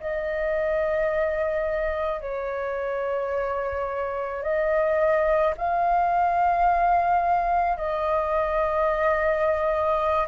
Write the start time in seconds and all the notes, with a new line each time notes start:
0.00 D#5
2.20 C#5
4.42 D#5
5.57 F5
7.77 D#5